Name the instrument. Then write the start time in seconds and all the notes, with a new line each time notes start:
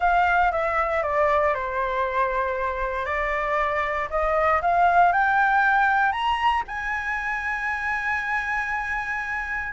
flute
0.00 F5
0.51 E5
1.03 D5
1.54 C5
3.05 D5
4.09 D#5
4.61 F5
5.12 G5
6.12 A#5
6.67 G#5